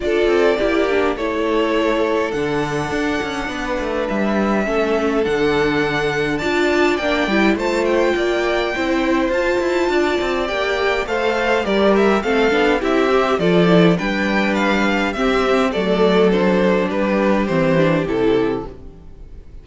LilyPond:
<<
  \new Staff \with { instrumentName = "violin" } { \time 4/4 \tempo 4 = 103 d''2 cis''2 | fis''2. e''4~ | e''4 fis''2 a''4 | g''4 a''8 g''2~ g''8 |
a''2 g''4 f''4 | d''8 e''8 f''4 e''4 d''4 | g''4 f''4 e''4 d''4 | c''4 b'4 c''4 a'4 | }
  \new Staff \with { instrumentName = "violin" } { \time 4/4 a'4 g'4 a'2~ | a'2 b'2 | a'2. d''4~ | d''4 c''4 d''4 c''4~ |
c''4 d''2 c''4 | ais'4 a'4 g'4 a'4 | b'2 g'4 a'4~ | a'4 g'2. | }
  \new Staff \with { instrumentName = "viola" } { \time 4/4 f'4 e'8 d'8 e'2 | d'1 | cis'4 d'2 f'4 | d'8 e'8 f'2 e'4 |
f'2 g'4 a'4 | g'4 c'8 d'8 e'8 g'8 f'8 e'8 | d'2 c'4 a4 | d'2 c'8 d'8 e'4 | }
  \new Staff \with { instrumentName = "cello" } { \time 4/4 d'8 c'8 ais4 a2 | d4 d'8 cis'8 b8 a8 g4 | a4 d2 d'4 | ais8 g8 a4 ais4 c'4 |
f'8 e'8 d'8 c'8 ais4 a4 | g4 a8 b8 c'4 f4 | g2 c'4 fis4~ | fis4 g4 e4 c4 | }
>>